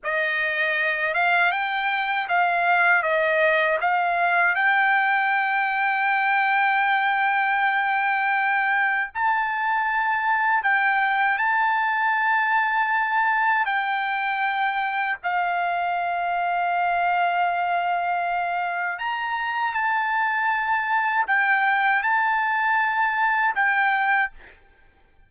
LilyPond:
\new Staff \with { instrumentName = "trumpet" } { \time 4/4 \tempo 4 = 79 dis''4. f''8 g''4 f''4 | dis''4 f''4 g''2~ | g''1 | a''2 g''4 a''4~ |
a''2 g''2 | f''1~ | f''4 ais''4 a''2 | g''4 a''2 g''4 | }